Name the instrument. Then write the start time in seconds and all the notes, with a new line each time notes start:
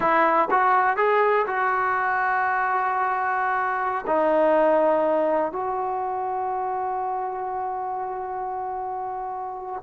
trombone
0.00 E4
0.50 F#4
0.96 G#4
1.46 F#4
4.06 D#4
5.52 F#4